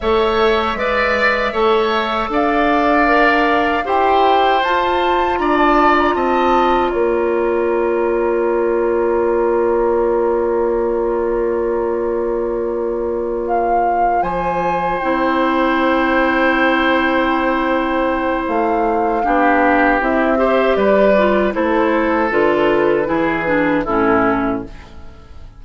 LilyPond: <<
  \new Staff \with { instrumentName = "flute" } { \time 4/4 \tempo 4 = 78 e''2. f''4~ | f''4 g''4 a''4 ais''16 a''8 ais''16 | a''4 ais''2.~ | ais''1~ |
ais''4. f''4 gis''4 g''8~ | g''1 | f''2 e''4 d''4 | c''4 b'2 a'4 | }
  \new Staff \with { instrumentName = "oboe" } { \time 4/4 cis''4 d''4 cis''4 d''4~ | d''4 c''2 d''4 | dis''4 cis''2.~ | cis''1~ |
cis''2~ cis''8 c''4.~ | c''1~ | c''4 g'4. c''8 b'4 | a'2 gis'4 e'4 | }
  \new Staff \with { instrumentName = "clarinet" } { \time 4/4 a'4 b'4 a'2 | ais'4 g'4 f'2~ | f'1~ | f'1~ |
f'2.~ f'8 e'8~ | e'1~ | e'4 d'4 e'8 g'4 f'8 | e'4 f'4 e'8 d'8 cis'4 | }
  \new Staff \with { instrumentName = "bassoon" } { \time 4/4 a4 gis4 a4 d'4~ | d'4 e'4 f'4 d'4 | c'4 ais2.~ | ais1~ |
ais2~ ais8 f4 c'8~ | c'1 | a4 b4 c'4 g4 | a4 d4 e4 a,4 | }
>>